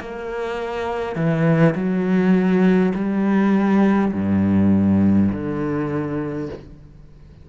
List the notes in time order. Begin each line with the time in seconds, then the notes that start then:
0.00 A#3
1.16 E3
1.75 F#3
2.95 G3
4.13 G2
5.32 D3